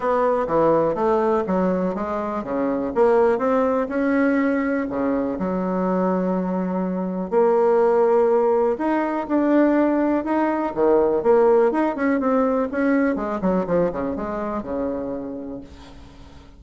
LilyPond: \new Staff \with { instrumentName = "bassoon" } { \time 4/4 \tempo 4 = 123 b4 e4 a4 fis4 | gis4 cis4 ais4 c'4 | cis'2 cis4 fis4~ | fis2. ais4~ |
ais2 dis'4 d'4~ | d'4 dis'4 dis4 ais4 | dis'8 cis'8 c'4 cis'4 gis8 fis8 | f8 cis8 gis4 cis2 | }